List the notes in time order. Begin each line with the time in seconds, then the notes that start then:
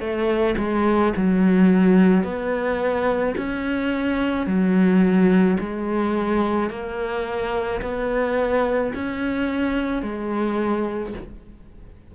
0.00 A3
0.58 G#3
1.17 F#3
2.24 B3
3.37 C#4
4.46 F#3
5.60 G#3
6.70 A#3
7.82 B3
8.94 C#4
10.03 G#3